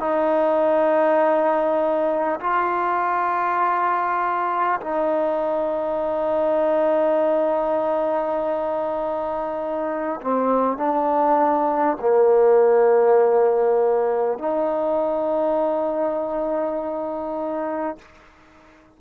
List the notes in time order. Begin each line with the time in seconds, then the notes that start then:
0.00 D#4
2.41 F4
4.81 D#4
10.22 C4
10.77 D4
12.01 A#3
14.38 D#4